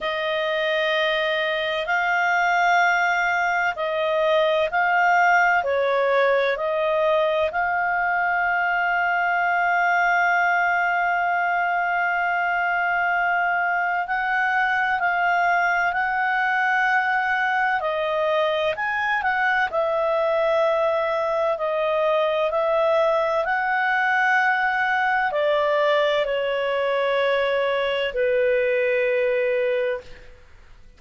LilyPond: \new Staff \with { instrumentName = "clarinet" } { \time 4/4 \tempo 4 = 64 dis''2 f''2 | dis''4 f''4 cis''4 dis''4 | f''1~ | f''2. fis''4 |
f''4 fis''2 dis''4 | gis''8 fis''8 e''2 dis''4 | e''4 fis''2 d''4 | cis''2 b'2 | }